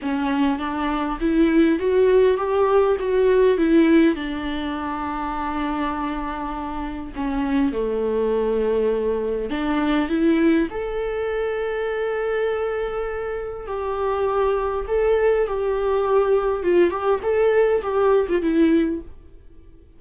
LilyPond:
\new Staff \with { instrumentName = "viola" } { \time 4/4 \tempo 4 = 101 cis'4 d'4 e'4 fis'4 | g'4 fis'4 e'4 d'4~ | d'1 | cis'4 a2. |
d'4 e'4 a'2~ | a'2. g'4~ | g'4 a'4 g'2 | f'8 g'8 a'4 g'8. f'16 e'4 | }